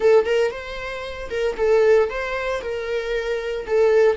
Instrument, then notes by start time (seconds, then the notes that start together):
viola
0.00 A4
0.25 A#4
0.51 C5
1.30 A#4
1.57 A4
2.09 C5
2.61 A#4
3.66 A4